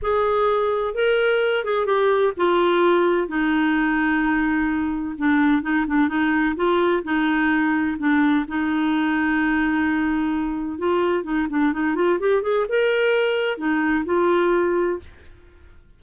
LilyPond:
\new Staff \with { instrumentName = "clarinet" } { \time 4/4 \tempo 4 = 128 gis'2 ais'4. gis'8 | g'4 f'2 dis'4~ | dis'2. d'4 | dis'8 d'8 dis'4 f'4 dis'4~ |
dis'4 d'4 dis'2~ | dis'2. f'4 | dis'8 d'8 dis'8 f'8 g'8 gis'8 ais'4~ | ais'4 dis'4 f'2 | }